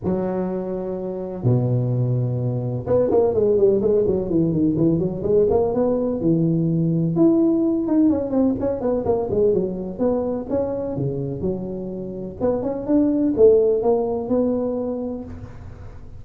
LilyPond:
\new Staff \with { instrumentName = "tuba" } { \time 4/4 \tempo 4 = 126 fis2. b,4~ | b,2 b8 ais8 gis8 g8 | gis8 fis8 e8 dis8 e8 fis8 gis8 ais8 | b4 e2 e'4~ |
e'8 dis'8 cis'8 c'8 cis'8 b8 ais8 gis8 | fis4 b4 cis'4 cis4 | fis2 b8 cis'8 d'4 | a4 ais4 b2 | }